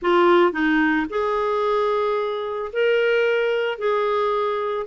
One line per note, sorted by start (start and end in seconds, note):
0.01 0.52 F4
0.52 1.06 D#4
1.09 2.71 G#4
2.72 3.78 A#4
3.78 4.86 G#4